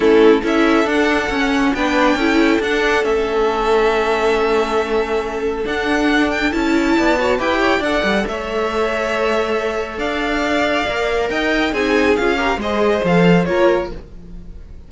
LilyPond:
<<
  \new Staff \with { instrumentName = "violin" } { \time 4/4 \tempo 4 = 138 a'4 e''4 fis''2 | g''2 fis''4 e''4~ | e''1~ | e''4 fis''4. g''8 a''4~ |
a''4 g''4 fis''4 e''4~ | e''2. f''4~ | f''2 g''4 gis''4 | f''4 dis''4 f''4 cis''4 | }
  \new Staff \with { instrumentName = "violin" } { \time 4/4 e'4 a'2. | b'4 a'2.~ | a'1~ | a'1 |
d''8 cis''8 b'8 cis''8 d''4 cis''4~ | cis''2. d''4~ | d''2 dis''4 gis'4~ | gis'8 ais'8 c''2 ais'4 | }
  \new Staff \with { instrumentName = "viola" } { \time 4/4 cis'4 e'4 d'4 cis'4 | d'4 e'4 d'4 cis'4~ | cis'1~ | cis'4 d'2 e'4~ |
e'8 fis'8 g'4 a'2~ | a'1~ | a'4 ais'2 dis'4 | f'8 g'8 gis'4 a'4 f'4 | }
  \new Staff \with { instrumentName = "cello" } { \time 4/4 a4 cis'4 d'4 cis'4 | b4 cis'4 d'4 a4~ | a1~ | a4 d'2 cis'4 |
b4 e'4 d'8 g8 a4~ | a2. d'4~ | d'4 ais4 dis'4 c'4 | cis'4 gis4 f4 ais4 | }
>>